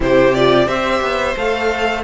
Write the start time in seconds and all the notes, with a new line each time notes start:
0.00 C3 E4 G4 C5
0.34 F4 D5
0.66 C4 G4 C5 E5
1.01 B3
1.37 A3 A4 F5